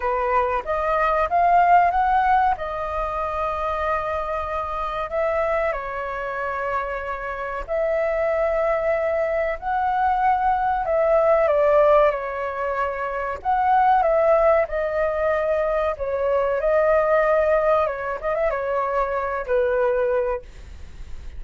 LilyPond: \new Staff \with { instrumentName = "flute" } { \time 4/4 \tempo 4 = 94 b'4 dis''4 f''4 fis''4 | dis''1 | e''4 cis''2. | e''2. fis''4~ |
fis''4 e''4 d''4 cis''4~ | cis''4 fis''4 e''4 dis''4~ | dis''4 cis''4 dis''2 | cis''8 dis''16 e''16 cis''4. b'4. | }